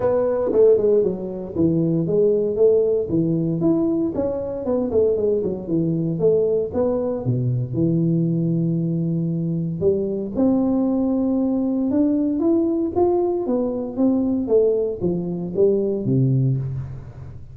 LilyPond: \new Staff \with { instrumentName = "tuba" } { \time 4/4 \tempo 4 = 116 b4 a8 gis8 fis4 e4 | gis4 a4 e4 e'4 | cis'4 b8 a8 gis8 fis8 e4 | a4 b4 b,4 e4~ |
e2. g4 | c'2. d'4 | e'4 f'4 b4 c'4 | a4 f4 g4 c4 | }